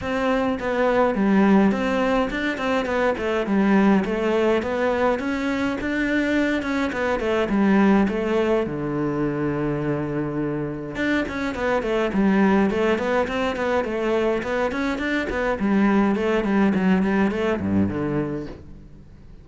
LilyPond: \new Staff \with { instrumentName = "cello" } { \time 4/4 \tempo 4 = 104 c'4 b4 g4 c'4 | d'8 c'8 b8 a8 g4 a4 | b4 cis'4 d'4. cis'8 | b8 a8 g4 a4 d4~ |
d2. d'8 cis'8 | b8 a8 g4 a8 b8 c'8 b8 | a4 b8 cis'8 d'8 b8 g4 | a8 g8 fis8 g8 a8 g,8 d4 | }